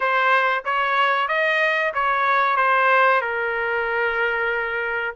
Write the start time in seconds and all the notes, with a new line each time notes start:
0.00 C5
0.64 C#5
1.28 D#5
1.94 C#5
2.56 C5
3.21 A#4